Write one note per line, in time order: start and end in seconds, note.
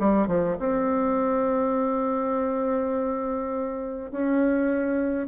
0.00 0.28 G3
0.28 0.57 F3
0.60 4.12 C4
4.12 5.28 C#4